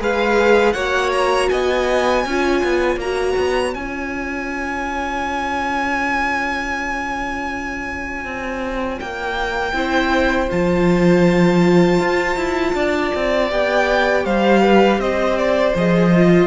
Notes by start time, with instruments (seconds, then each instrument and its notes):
0.00 cello G#3, viola G#4, violin B4 F5
0.73 cello A#3, viola F#4, violin C#5 F#5
1.13 violin A#5
1.50 cello B3, violin D#5 G#5
2.24 cello C#4, viola F4, violin C#5
2.64 cello B3
2.97 cello A#3, viola F#4, violin A#5
3.38 cello B3
3.75 cello C#4, viola F4, violin G#5
8.25 cello C4
9.00 cello A#3, violin G5
9.74 cello C4, viola E4, violin C5
10.49 cello F3, viola F4, violin A5
12.00 cello F4
12.37 cello E4
12.75 cello D4, violin D5
13.15 cello C4
13.49 cello B3, viola G4, violin G5
14.26 cello G3, violin C5 F5
14.63 violin B4
14.98 cello C4, violin C5 D#5
15.38 violin D5
15.75 cello F3, viola G#4, violin D#5
16.15 viola F4